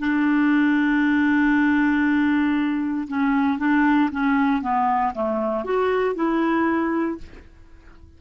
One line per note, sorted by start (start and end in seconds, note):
0.00 3.08 D4
3.08 3.59 C#4
3.59 4.10 D4
4.12 4.62 C#4
4.62 5.14 B3
5.15 5.65 A3
5.65 6.16 F#4
6.16 7.18 E4